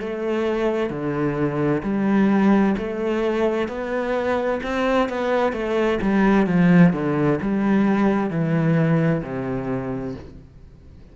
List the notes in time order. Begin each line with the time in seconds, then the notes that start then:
0.00 A3
0.90 D3
1.83 G3
2.77 A3
3.68 B3
4.63 C4
5.09 B3
5.53 A3
6.02 G3
6.47 F3
6.93 D3
7.41 G3
8.30 E3
9.23 C3